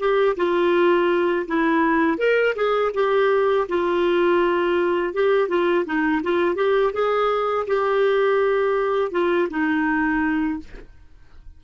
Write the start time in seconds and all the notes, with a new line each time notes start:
0.00 G4
0.37 F4
1.48 E4
2.18 A#4
2.56 G#4
2.95 G4
3.69 F4
5.15 G4
5.49 F4
5.86 D#4
6.24 F4
6.56 G4
6.94 G#4
7.68 G4
9.12 F4
9.50 D#4